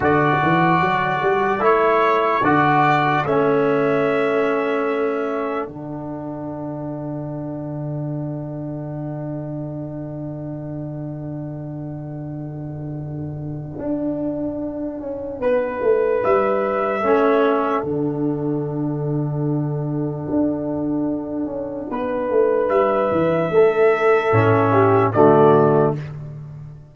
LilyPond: <<
  \new Staff \with { instrumentName = "trumpet" } { \time 4/4 \tempo 4 = 74 d''2 cis''4 d''4 | e''2. fis''4~ | fis''1~ | fis''1~ |
fis''1 | e''2 fis''2~ | fis''1 | e''2. d''4 | }
  \new Staff \with { instrumentName = "horn" } { \time 4/4 a'1~ | a'1~ | a'1~ | a'1~ |
a'2. b'4~ | b'4 a'2.~ | a'2. b'4~ | b'4 a'4. g'8 fis'4 | }
  \new Staff \with { instrumentName = "trombone" } { \time 4/4 fis'2 e'4 fis'4 | cis'2. d'4~ | d'1~ | d'1~ |
d'1~ | d'4 cis'4 d'2~ | d'1~ | d'2 cis'4 a4 | }
  \new Staff \with { instrumentName = "tuba" } { \time 4/4 d8 e8 fis8 g8 a4 d4 | a2. d4~ | d1~ | d1~ |
d4 d'4. cis'8 b8 a8 | g4 a4 d2~ | d4 d'4. cis'8 b8 a8 | g8 e8 a4 a,4 d4 | }
>>